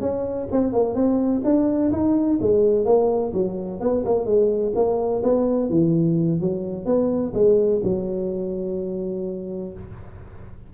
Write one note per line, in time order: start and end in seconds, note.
0.00 0.47 C#4
0.51 0.72 C4
0.72 0.95 A#3
0.95 1.42 C4
1.44 1.91 D4
1.92 2.39 D#4
2.41 2.85 G#3
2.85 3.32 A#3
3.33 3.80 F#3
3.80 4.04 B3
4.05 4.25 A#3
4.25 4.73 G#3
4.75 5.22 A#3
5.23 5.69 B3
5.69 6.40 E3
6.40 6.85 F#3
6.85 7.32 B3
7.34 7.81 G#3
7.83 9.72 F#3